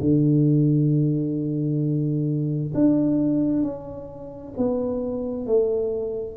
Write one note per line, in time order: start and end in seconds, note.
0.00 2.73 D3
2.74 3.63 D4
3.63 4.54 C#4
4.57 5.46 B3
5.46 6.36 A3